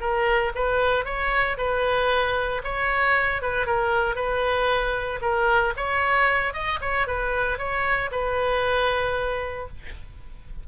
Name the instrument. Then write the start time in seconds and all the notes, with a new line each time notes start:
oboe
0.00 A#4
0.55 B4
1.05 C#5
1.57 B4
2.64 C#5
3.42 B4
3.66 A#4
4.15 B4
5.21 A#4
5.77 C#5
6.53 D#5
6.81 C#5
7.07 B4
7.58 C#5
8.11 B4